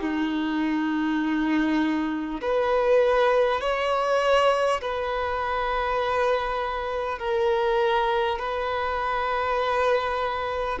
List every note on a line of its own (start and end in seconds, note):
0.00 2.40 D#4
2.41 3.60 B4
3.60 4.80 C#5
4.81 7.18 B4
7.18 8.38 A#4
8.38 10.78 B4